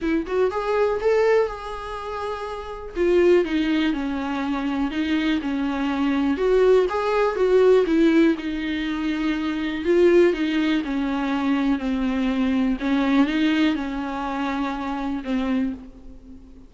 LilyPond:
\new Staff \with { instrumentName = "viola" } { \time 4/4 \tempo 4 = 122 e'8 fis'8 gis'4 a'4 gis'4~ | gis'2 f'4 dis'4 | cis'2 dis'4 cis'4~ | cis'4 fis'4 gis'4 fis'4 |
e'4 dis'2. | f'4 dis'4 cis'2 | c'2 cis'4 dis'4 | cis'2. c'4 | }